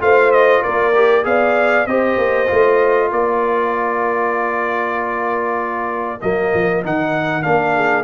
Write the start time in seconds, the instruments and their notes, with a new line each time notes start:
0.00 tuba A3, trombone F4, horn C5, trumpet F5
0.32 trumpet D#5
0.63 tuba A#3, horn A#4, trumpet D5
0.95 trombone G4
1.23 tuba B3, trombone G#4, horn D5, trumpet F5
1.86 tuba C4, trombone G4, horn C5, trumpet D#5
2.17 tuba A#3
2.47 tuba A3, trombone F4
3.11 tuba A#3, horn A#4, trumpet D5
6.21 tuba F#3, trombone A#3, trumpet D#5
6.54 tuba F3
6.83 tuba D#3, trombone D#4, trumpet F#5
7.42 tuba A#3, trombone D4, trumpet F5
7.75 horn G#4